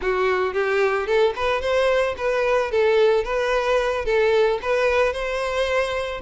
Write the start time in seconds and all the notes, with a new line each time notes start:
0.01 F#4
0.53 G4
1.06 A4
1.35 B4
1.61 C5
2.17 B4
2.71 A4
3.24 B4
4.05 A4
4.61 B4
5.12 C5